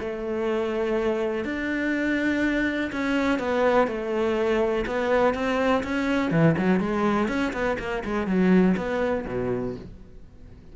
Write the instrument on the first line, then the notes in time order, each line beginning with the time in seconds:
cello
0.00 A3
1.45 D4
2.92 C#4
3.39 B3
3.88 A3
4.86 B3
5.34 C4
5.83 C#4
6.31 E3
6.58 F#3
6.80 G#3
7.28 C#4
7.53 B3
7.79 A#3
8.05 G#3
8.27 F#3
8.77 B3
9.27 B2